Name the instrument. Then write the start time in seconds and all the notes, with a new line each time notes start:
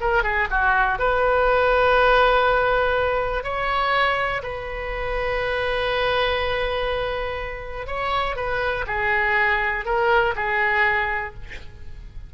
oboe
0.00 A#4
0.23 G#4
0.50 F#4
0.99 B4
3.43 C#5
4.42 B4
7.86 C#5
8.36 B4
8.87 G#4
9.85 A#4
10.35 G#4